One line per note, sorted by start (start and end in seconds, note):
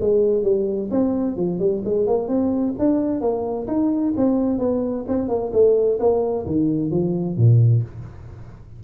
0.00 0.43 G#3
0.43 0.89 G3
0.90 1.36 C4
1.36 1.59 F3
1.59 1.82 G3
1.84 2.06 G#3
2.06 2.28 A#3
2.28 2.74 C4
2.78 3.20 D4
3.20 3.66 A#3
3.67 4.13 D#4
4.16 4.59 C4
4.59 5.05 B3
5.07 5.28 C4
5.28 5.51 A#3
5.52 5.98 A3
5.99 6.45 A#3
6.46 6.90 D#3
6.90 7.36 F3
7.36 7.83 A#2